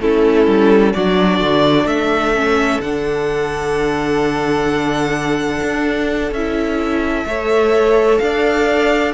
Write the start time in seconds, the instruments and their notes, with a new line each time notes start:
0.00 cello A3, viola C#4, violin E4 A4
0.46 cello G3
0.93 cello F#3, viola D4, violin F#4 D5
1.40 cello D3
1.84 cello A3, violin A4 E5
2.35 viola C#4
2.79 cello D3, viola D4, violin F#5
5.62 cello D4
6.31 cello C#4, viola E4, violin E5
7.25 cello A3, viola A4, violin C#5
8.18 cello D4, violin D5 F5